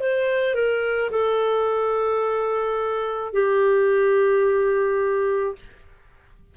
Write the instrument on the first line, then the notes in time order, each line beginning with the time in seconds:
clarinet
0.00 C5
0.55 A#4
1.11 A4
3.33 G4